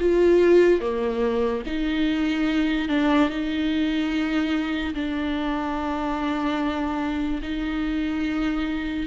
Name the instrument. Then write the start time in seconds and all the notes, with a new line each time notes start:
viola
0.00 F4
0.81 A#3
1.66 D#4
2.89 D4
3.30 D#4
4.94 D4
7.42 D#4